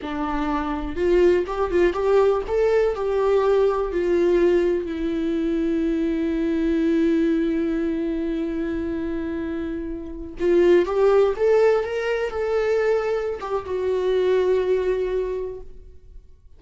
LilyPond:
\new Staff \with { instrumentName = "viola" } { \time 4/4 \tempo 4 = 123 d'2 f'4 g'8 f'8 | g'4 a'4 g'2 | f'2 e'2~ | e'1~ |
e'1~ | e'4~ e'16 f'4 g'4 a'8.~ | a'16 ais'4 a'2~ a'16 g'8 | fis'1 | }